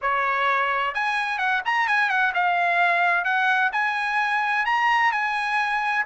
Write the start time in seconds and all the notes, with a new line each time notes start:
0.01 C#5
0.94 G#5
1.38 F#5
1.65 A#5
1.87 G#5
2.09 F#5
2.34 F5
3.24 F#5
3.72 G#5
4.65 A#5
5.12 G#5